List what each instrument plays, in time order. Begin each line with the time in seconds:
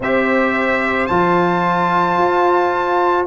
0.00 tuba C4, trombone G4, horn C5, trumpet E5
1.06 tuba F3, trombone F4, trumpet A5
2.17 tuba F4